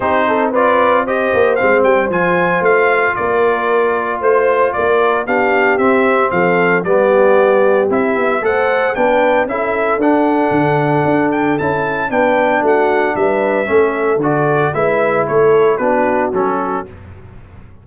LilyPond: <<
  \new Staff \with { instrumentName = "trumpet" } { \time 4/4 \tempo 4 = 114 c''4 d''4 dis''4 f''8 g''8 | gis''4 f''4 d''2 | c''4 d''4 f''4 e''4 | f''4 d''2 e''4 |
fis''4 g''4 e''4 fis''4~ | fis''4. g''8 a''4 g''4 | fis''4 e''2 d''4 | e''4 cis''4 b'4 a'4 | }
  \new Staff \with { instrumentName = "horn" } { \time 4/4 g'8 a'8 b'4 c''2~ | c''2 ais'2 | c''4 ais'4 g'2 | a'4 g'2. |
c''4 b'4 a'2~ | a'2. b'4 | fis'4 b'4 a'2 | b'4 a'4 fis'2 | }
  \new Staff \with { instrumentName = "trombone" } { \time 4/4 dis'4 f'4 g'4 c'4 | f'1~ | f'2 d'4 c'4~ | c'4 b2 e'4 |
a'4 d'4 e'4 d'4~ | d'2 e'4 d'4~ | d'2 cis'4 fis'4 | e'2 d'4 cis'4 | }
  \new Staff \with { instrumentName = "tuba" } { \time 4/4 c'2~ c'8 ais8 gis8 g8 | f4 a4 ais2 | a4 ais4 b4 c'4 | f4 g2 c'8 b8 |
a4 b4 cis'4 d'4 | d4 d'4 cis'4 b4 | a4 g4 a4 d4 | gis4 a4 b4 fis4 | }
>>